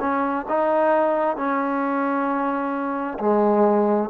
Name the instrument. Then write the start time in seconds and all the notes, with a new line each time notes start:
trombone
0.00 C#4
0.48 D#4
1.36 C#4
3.19 G#3